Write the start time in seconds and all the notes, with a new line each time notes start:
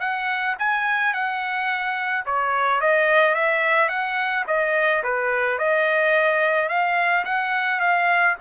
0.00 F#5
0.59 G#5
1.14 F#5
2.26 C#5
2.81 D#5
3.35 E5
3.89 F#5
4.47 D#5
5.03 B4
5.59 D#5
6.69 F5
7.25 F#5
7.81 F5